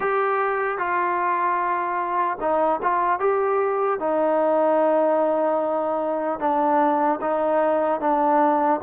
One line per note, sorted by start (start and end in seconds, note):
0.00 0.77 G4
0.77 2.37 F4
2.40 2.80 D#4
2.82 3.19 F4
3.19 3.99 G4
3.99 6.39 D#4
6.39 7.19 D4
7.21 8.00 D#4
8.00 8.80 D4